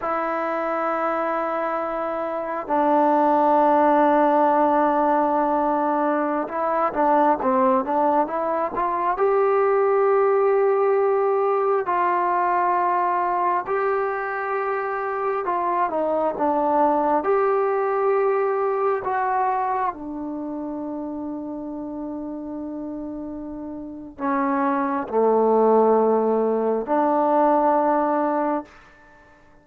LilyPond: \new Staff \with { instrumentName = "trombone" } { \time 4/4 \tempo 4 = 67 e'2. d'4~ | d'2.~ d'16 e'8 d'16~ | d'16 c'8 d'8 e'8 f'8 g'4.~ g'16~ | g'4~ g'16 f'2 g'8.~ |
g'4~ g'16 f'8 dis'8 d'4 g'8.~ | g'4~ g'16 fis'4 d'4.~ d'16~ | d'2. cis'4 | a2 d'2 | }